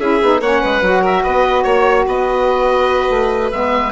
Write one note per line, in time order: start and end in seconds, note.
0.00 0.21 C#4
0.00 0.21 E4
0.00 0.42 G#4
0.00 0.41 E5
0.21 0.41 B3
0.21 0.42 D#4
0.41 0.62 A#3
0.41 0.83 C#4
0.41 0.61 C#5
0.41 1.05 F#5
0.61 0.82 G#3
0.61 1.02 B4
0.82 1.23 F#3
0.82 3.52 F#4
1.02 1.22 A#4
1.02 1.24 E5
1.24 1.65 B3
1.24 1.64 B4
1.24 1.63 D#5
1.63 2.07 A#3
1.63 2.05 C#5
2.07 3.10 B3
2.07 3.93 B4
2.07 3.52 D#5
3.10 3.51 A3
3.52 3.93 G#3
3.52 3.93 B3
3.52 3.93 E5